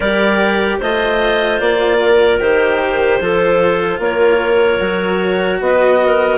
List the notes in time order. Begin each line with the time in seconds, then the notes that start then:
0.00 G3 G4 A#4 D5
0.78 A3 F4 C5 D#5
1.60 A#3 D5
2.00 A#4
2.40 D#3 G4 C5
3.20 F3 F4 A4
3.99 A#3 A#4 C#5
4.80 F#3 F#4
5.60 B3 B4 D#5
6.04 A#4